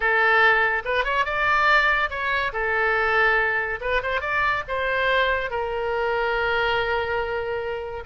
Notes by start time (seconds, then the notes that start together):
0.00 A4
0.85 B4
1.04 C#5
1.25 D5
2.09 C#5
2.52 A4
3.80 B4
4.02 C5
4.21 D5
4.67 C5
5.50 A#4